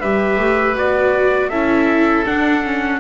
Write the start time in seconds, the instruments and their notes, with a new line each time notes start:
0.00 double bass G3, viola G4, oboe B4, trumpet E5
0.38 double bass A3
0.75 double bass B3, viola F#4, trumpet D5
1.50 double bass C#4, viola E4, oboe A4, trumpet E5
2.25 viola D4, double bass D4, trumpet F#5
2.64 viola C#4